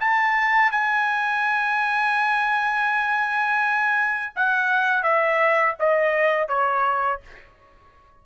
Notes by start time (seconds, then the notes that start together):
0.00 A5
0.71 G#5
4.35 F#5
5.02 E5
5.79 D#5
6.48 C#5